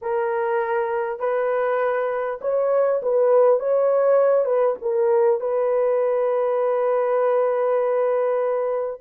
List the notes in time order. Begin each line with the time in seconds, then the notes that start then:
0.01 A#4
1.19 B4
2.41 C#5
3.02 B4
3.59 C#5
4.45 B4
4.81 A#4
5.40 B4